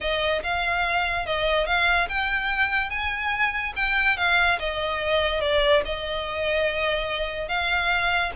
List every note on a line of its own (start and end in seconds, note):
0.00 0.42 D#5
0.43 1.26 F5
1.26 1.66 D#5
1.66 2.08 F5
2.08 2.90 G5
2.90 3.73 G#5
3.76 4.17 G5
4.17 4.58 F5
4.59 5.41 D#5
5.41 5.82 D5
5.85 7.48 D#5
7.48 8.31 F5